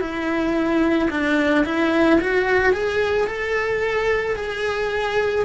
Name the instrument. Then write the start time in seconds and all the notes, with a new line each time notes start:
cello
0.00 E4
1.10 D4
1.65 E4
2.21 F#4
2.73 G#4
3.27 A4
4.36 G#4